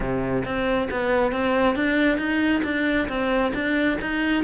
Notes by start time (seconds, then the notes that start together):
0.00 C3
0.44 C4
0.90 B3
1.32 C4
1.75 D4
2.17 D#4
2.63 D4
3.08 C4
3.54 D4
4.01 D#4